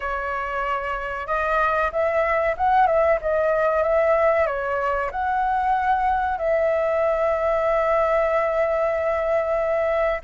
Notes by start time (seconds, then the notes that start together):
0.00 C#5
1.26 D#5
1.91 E5
2.57 F#5
2.86 E5
3.21 D#5
3.82 E5
4.46 C#5
5.11 F#5
6.38 E5